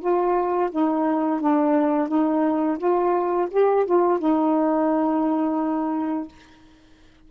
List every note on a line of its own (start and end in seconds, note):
0.00 0.70 F4
0.71 1.40 D#4
1.40 2.08 D4
2.08 2.78 D#4
2.78 3.48 F4
3.51 3.86 G4
3.86 4.19 F4
4.19 6.28 D#4